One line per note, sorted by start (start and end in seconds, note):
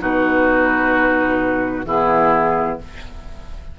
0.00 1.85 B2
0.00 1.85 D#4
0.00 1.85 F#4
0.00 1.86 B4
1.85 2.77 E3
1.85 2.78 B3
1.85 2.78 E4
1.85 2.78 G#4